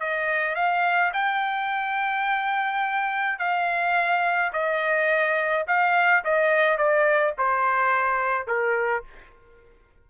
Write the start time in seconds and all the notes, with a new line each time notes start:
0.00 D#5
0.55 F5
1.13 G5
3.39 F5
4.53 D#5
5.67 F5
6.24 D#5
6.77 D5
7.38 C5
8.47 A#4